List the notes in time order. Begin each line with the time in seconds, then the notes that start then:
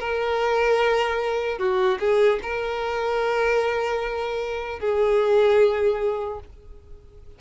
0.00 A#4
1.59 F#4
2.00 G#4
2.43 A#4
4.80 G#4